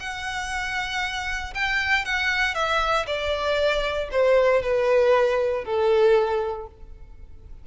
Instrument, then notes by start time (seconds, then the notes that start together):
violin
0.00 F#5
1.54 G5
2.05 F#5
2.55 E5
3.07 D5
4.11 C5
4.62 B4
5.65 A4